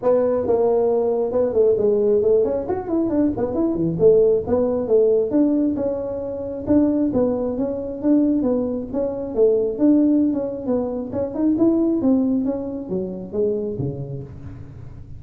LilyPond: \new Staff \with { instrumentName = "tuba" } { \time 4/4 \tempo 4 = 135 b4 ais2 b8 a8 | gis4 a8 cis'8 fis'8 e'8 d'8 b8 | e'8 e8 a4 b4 a4 | d'4 cis'2 d'4 |
b4 cis'4 d'4 b4 | cis'4 a4 d'4~ d'16 cis'8. | b4 cis'8 dis'8 e'4 c'4 | cis'4 fis4 gis4 cis4 | }